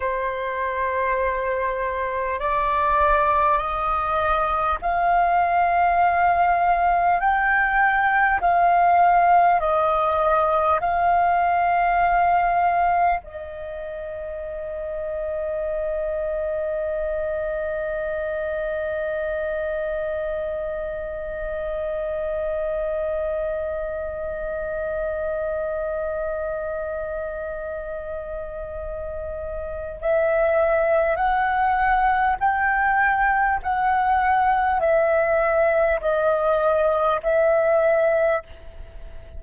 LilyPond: \new Staff \with { instrumentName = "flute" } { \time 4/4 \tempo 4 = 50 c''2 d''4 dis''4 | f''2 g''4 f''4 | dis''4 f''2 dis''4~ | dis''1~ |
dis''1~ | dis''1~ | dis''4 e''4 fis''4 g''4 | fis''4 e''4 dis''4 e''4 | }